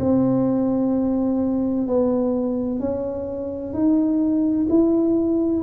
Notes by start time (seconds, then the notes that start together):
0.00 C4
1.87 B3
2.80 C#4
3.74 D#4
4.70 E4